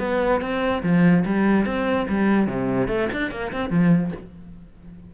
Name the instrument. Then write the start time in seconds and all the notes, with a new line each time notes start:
cello
0.00 B3
0.41 C4
0.83 F3
1.26 G3
1.66 C4
2.09 G3
2.48 C3
2.88 A3
3.13 D4
3.31 A#3
3.53 C4
3.70 F3